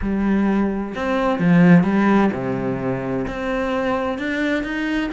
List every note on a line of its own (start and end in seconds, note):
0.01 0.94 G3
0.95 1.39 C4
1.39 1.83 F3
1.83 2.30 G3
2.33 3.26 C3
3.27 4.18 C4
4.18 4.63 D4
4.63 5.10 D#4